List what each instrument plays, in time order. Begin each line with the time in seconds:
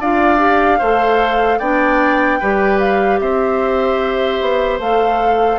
0.00 bassoon D4, clarinet F4, oboe D5, flute F5
0.38 clarinet G4
0.78 bassoon A3, clarinet A4, oboe C5
1.59 bassoon B3, clarinet D4, oboe D5, flute G5
2.40 bassoon G3, clarinet G4, oboe B4
2.79 flute F5
3.19 bassoon C4, oboe C5, flute E5
4.41 bassoon B3
4.79 bassoon A3, clarinet A4, flute F5